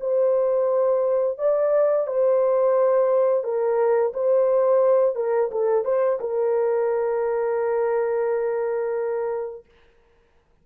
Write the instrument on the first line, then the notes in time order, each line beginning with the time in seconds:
horn
0.00 C5
1.38 D5
2.07 C5
3.43 A#4
4.13 C5
5.15 A#4
5.51 A4
5.84 C5
6.20 A#4